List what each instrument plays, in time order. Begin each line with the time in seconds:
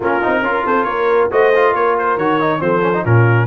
0.00 tuba A#3, trombone C#4, horn F4, trumpet A#4
0.22 tuba C4, trombone D#4
0.41 tuba C#4, trombone F4
0.47 horn A#4
0.65 tuba C4, horn A4, trumpet C5
0.84 tuba A#3, horn A#4, trumpet C#5
1.31 tuba A3, trombone F#4, horn C5, trumpet D#5
1.55 trombone F4
1.72 tuba A#3, horn A#4, trumpet C#5
1.98 trumpet C5
2.16 tuba D#3, trombone F#4, trumpet C#5
2.40 trombone D#4
2.59 tuba F3, trombone C4, horn A4, trumpet C5
2.81 trombone C#4
2.94 trombone D#4
3.04 tuba A#2, trombone C#4, horn F4, trumpet A#4